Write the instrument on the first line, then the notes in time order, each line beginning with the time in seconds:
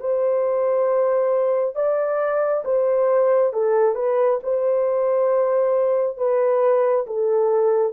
horn
0.00 C5
1.76 D5
2.65 C5
3.53 A4
3.95 B4
4.43 C5
6.18 B4
7.07 A4